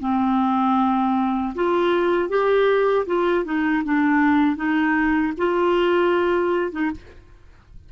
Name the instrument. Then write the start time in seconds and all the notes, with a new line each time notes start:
clarinet
0.00 C4
1.55 F4
2.29 G4
3.06 F4
3.44 D#4
3.84 D4
4.56 D#4
5.37 F4
6.72 D#4